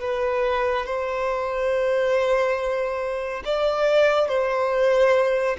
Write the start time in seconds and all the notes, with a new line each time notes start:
0.00 B4
0.86 C5
3.45 D5
4.28 C5